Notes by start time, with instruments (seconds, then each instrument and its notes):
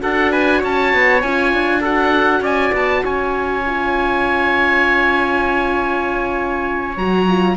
0.00 cello D4, horn F#4, trumpet A4, oboe F#5
0.32 trumpet B4, oboe G#5
0.59 cello C#4, trumpet C#5, oboe A5
0.94 cello B3
1.22 cello C#4, horn F4, oboe G#5
1.53 cello D4
1.81 horn F#4, trumpet A4, oboe F#5
2.41 cello C#4, trumpet D5, oboe G#5
2.73 cello B3, oboe A5
3.04 cello C#4, trumpet C#5, oboe G#5
3.66 horn F4
6.97 cello F#3, horn F#4, oboe A#5
7.29 horn F4